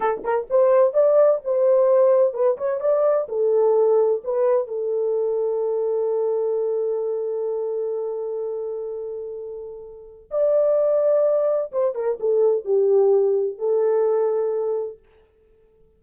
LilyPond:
\new Staff \with { instrumentName = "horn" } { \time 4/4 \tempo 4 = 128 a'8 ais'8 c''4 d''4 c''4~ | c''4 b'8 cis''8 d''4 a'4~ | a'4 b'4 a'2~ | a'1~ |
a'1~ | a'2 d''2~ | d''4 c''8 ais'8 a'4 g'4~ | g'4 a'2. | }